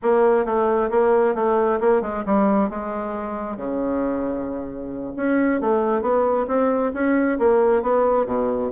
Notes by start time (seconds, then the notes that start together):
0.02 A#3
0.45 A3
0.90 A#3
1.34 A3
1.80 A#3
2.01 G#3
2.25 G3
2.69 G#3
3.56 C#3
5.16 C#4
5.60 A3
6.01 B3
6.47 C4
6.93 C#4
7.38 A#3
7.82 B3
8.26 B2